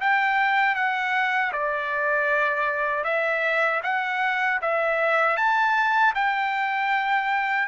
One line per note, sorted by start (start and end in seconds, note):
0.00 0.75 G5
0.75 1.52 F#5
1.52 3.04 D5
3.04 3.81 E5
3.83 4.60 F#5
4.62 5.36 E5
5.36 6.13 A5
6.15 7.68 G5